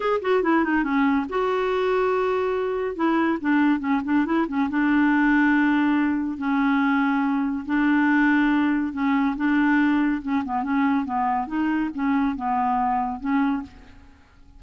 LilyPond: \new Staff \with { instrumentName = "clarinet" } { \time 4/4 \tempo 4 = 141 gis'8 fis'8 e'8 dis'8 cis'4 fis'4~ | fis'2. e'4 | d'4 cis'8 d'8 e'8 cis'8 d'4~ | d'2. cis'4~ |
cis'2 d'2~ | d'4 cis'4 d'2 | cis'8 b8 cis'4 b4 dis'4 | cis'4 b2 cis'4 | }